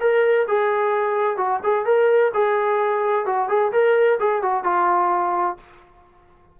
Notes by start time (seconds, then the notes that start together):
0.00 A#4
0.48 G#4
1.37 F#4
1.63 G#4
1.85 A#4
2.34 G#4
3.26 F#4
3.48 G#4
3.72 A#4
4.19 G#4
4.42 F#4
4.64 F4